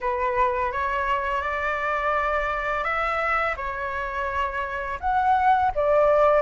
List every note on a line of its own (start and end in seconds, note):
0.00 0.71 B4
0.71 1.41 C#5
1.41 2.83 D5
2.83 3.55 E5
3.56 4.99 C#5
5.00 5.71 F#5
5.75 6.41 D5